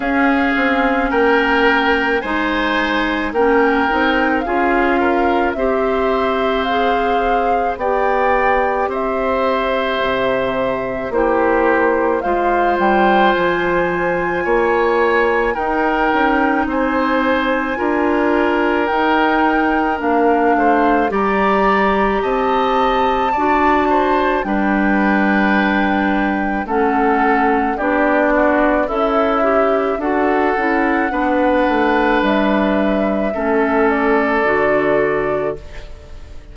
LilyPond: <<
  \new Staff \with { instrumentName = "flute" } { \time 4/4 \tempo 4 = 54 f''4 g''4 gis''4 g''4 | f''4 e''4 f''4 g''4 | e''2 c''4 f''8 g''8 | gis''2 g''4 gis''4~ |
gis''4 g''4 f''4 ais''4 | a''2 g''2 | fis''4 d''4 e''4 fis''4~ | fis''4 e''4. d''4. | }
  \new Staff \with { instrumentName = "oboe" } { \time 4/4 gis'4 ais'4 c''4 ais'4 | gis'8 ais'8 c''2 d''4 | c''2 g'4 c''4~ | c''4 cis''4 ais'4 c''4 |
ais'2~ ais'8 c''8 d''4 | dis''4 d''8 c''8 b'2 | a'4 g'8 fis'8 e'4 a'4 | b'2 a'2 | }
  \new Staff \with { instrumentName = "clarinet" } { \time 4/4 cis'2 dis'4 cis'8 dis'8 | f'4 g'4 gis'4 g'4~ | g'2 e'4 f'4~ | f'2 dis'2 |
f'4 dis'4 d'4 g'4~ | g'4 fis'4 d'2 | cis'4 d'4 a'8 g'8 fis'8 e'8 | d'2 cis'4 fis'4 | }
  \new Staff \with { instrumentName = "bassoon" } { \time 4/4 cis'8 c'8 ais4 gis4 ais8 c'8 | cis'4 c'2 b4 | c'4 c4 ais4 gis8 g8 | f4 ais4 dis'8 cis'8 c'4 |
d'4 dis'4 ais8 a8 g4 | c'4 d'4 g2 | a4 b4 cis'4 d'8 cis'8 | b8 a8 g4 a4 d4 | }
>>